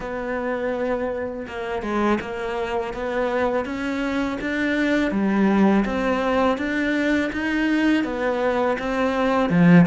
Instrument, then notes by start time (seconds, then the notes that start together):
cello
0.00 B3
1.47 A#3
1.82 G#3
2.21 A#3
2.93 B3
3.65 C#4
4.40 D4
5.11 G3
5.85 C4
6.57 D4
7.32 D#4
8.04 B3
8.78 C4
9.49 F3